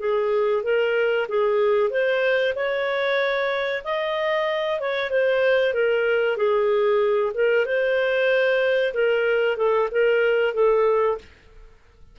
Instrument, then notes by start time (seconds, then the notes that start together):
clarinet
0.00 G#4
0.63 A#4
1.29 G#4
1.90 C5
2.55 C#5
3.84 D#5
4.80 C#5
5.10 C5
5.74 A#4
6.37 G#4
7.34 A#4
7.66 C5
8.94 A#4
9.57 A4
9.91 A#4
10.54 A4